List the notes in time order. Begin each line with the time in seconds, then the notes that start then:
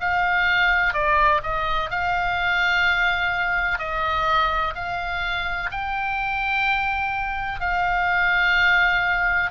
0.00 F5
0.93 D5
1.43 D#5
1.90 F5
3.78 D#5
4.75 F5
5.71 G5
7.60 F5